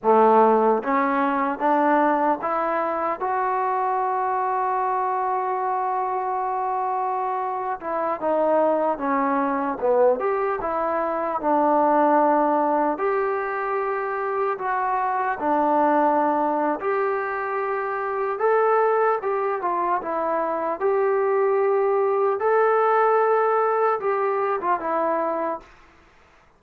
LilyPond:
\new Staff \with { instrumentName = "trombone" } { \time 4/4 \tempo 4 = 75 a4 cis'4 d'4 e'4 | fis'1~ | fis'4.~ fis'16 e'8 dis'4 cis'8.~ | cis'16 b8 g'8 e'4 d'4.~ d'16~ |
d'16 g'2 fis'4 d'8.~ | d'4 g'2 a'4 | g'8 f'8 e'4 g'2 | a'2 g'8. f'16 e'4 | }